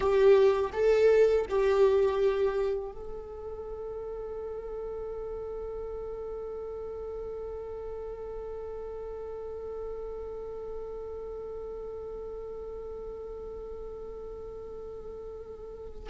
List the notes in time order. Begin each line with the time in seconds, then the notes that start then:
0.00 G4
0.73 A4
1.49 G4
2.92 A4